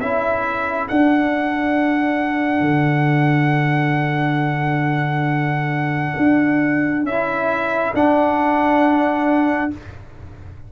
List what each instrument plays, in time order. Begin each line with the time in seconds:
0.00 tuba C#4, trombone E4, horn A4, trumpet E5
0.88 trombone D4, tuba D4, trumpet F#5
2.61 tuba D3
6.17 tuba D4
7.03 tuba C#4, trombone E4, trumpet E5
7.94 tuba D4, trombone D4, trumpet F#5